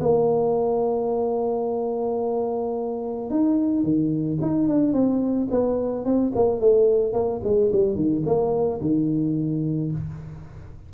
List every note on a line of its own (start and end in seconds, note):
0.00 3.30 A#3
3.30 3.83 D#4
3.83 4.38 D#3
4.41 4.68 D#4
4.68 4.93 D4
4.93 5.48 C4
5.50 6.05 B3
6.05 6.32 C4
6.35 6.60 A#3
6.60 7.13 A3
7.13 7.41 A#3
7.44 7.71 G#3
7.72 7.95 G3
7.95 8.23 D#3
8.26 8.81 A#3
8.81 9.91 D#3